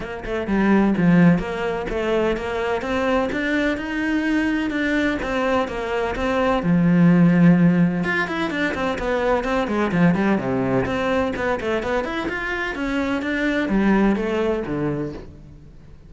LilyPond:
\new Staff \with { instrumentName = "cello" } { \time 4/4 \tempo 4 = 127 ais8 a8 g4 f4 ais4 | a4 ais4 c'4 d'4 | dis'2 d'4 c'4 | ais4 c'4 f2~ |
f4 f'8 e'8 d'8 c'8 b4 | c'8 gis8 f8 g8 c4 c'4 | b8 a8 b8 e'8 f'4 cis'4 | d'4 g4 a4 d4 | }